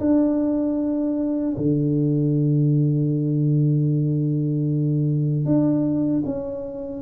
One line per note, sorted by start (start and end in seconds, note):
0.00 1.56 D4
1.57 5.45 D3
5.45 6.23 D4
6.26 7.02 C#4